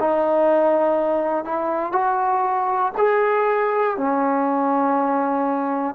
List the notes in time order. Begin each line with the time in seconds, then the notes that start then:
0.00 D#4
1.45 E4
1.92 F#4
2.98 G#4
3.97 C#4